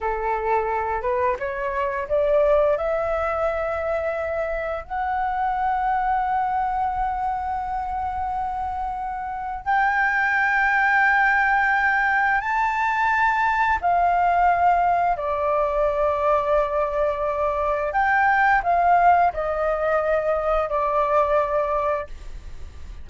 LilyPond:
\new Staff \with { instrumentName = "flute" } { \time 4/4 \tempo 4 = 87 a'4. b'8 cis''4 d''4 | e''2. fis''4~ | fis''1~ | fis''2 g''2~ |
g''2 a''2 | f''2 d''2~ | d''2 g''4 f''4 | dis''2 d''2 | }